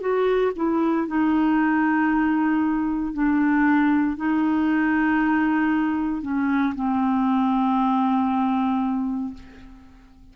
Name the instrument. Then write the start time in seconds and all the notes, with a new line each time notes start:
clarinet
0.00 F#4
0.56 E4
1.07 D#4
3.14 D4
4.17 D#4
6.22 C#4
6.75 C4